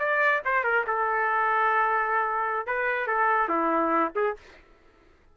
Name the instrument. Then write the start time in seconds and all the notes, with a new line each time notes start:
trumpet
0.00 D5
0.46 C5
0.64 A#4
0.88 A4
2.67 B4
3.07 A4
3.49 E4
4.16 G#4